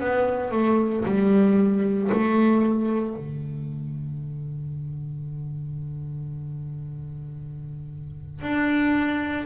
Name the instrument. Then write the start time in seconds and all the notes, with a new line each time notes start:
double bass
0.00 B3
0.52 A3
1.05 G3
2.12 A3
3.16 D3
8.42 D4